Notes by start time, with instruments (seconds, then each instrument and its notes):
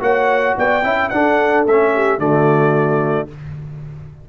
0.00 tuba A#3, trombone F#4, horn C#5, trumpet F#5
0.57 tuba B3, horn D5, trumpet G5
0.83 tuba C#4, trombone E4, horn E5
1.09 tuba D4, trombone D4, horn A4, trumpet F#5
1.66 tuba A3, trombone C#4, trumpet E5
1.94 horn G4
2.18 tuba D3, trombone A3, horn F#4, trumpet D5